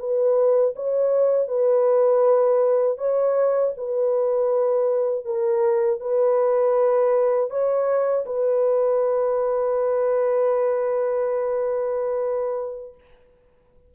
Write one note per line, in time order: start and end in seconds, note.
0.00 0.75 B4
0.76 1.48 C#5
1.48 2.98 B4
2.98 3.73 C#5
3.77 5.25 B4
5.25 6.00 A#4
6.00 7.50 B4
7.50 8.25 C#5
8.26 12.95 B4